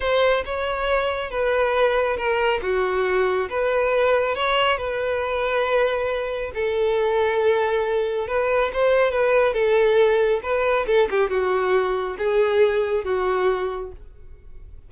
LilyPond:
\new Staff \with { instrumentName = "violin" } { \time 4/4 \tempo 4 = 138 c''4 cis''2 b'4~ | b'4 ais'4 fis'2 | b'2 cis''4 b'4~ | b'2. a'4~ |
a'2. b'4 | c''4 b'4 a'2 | b'4 a'8 g'8 fis'2 | gis'2 fis'2 | }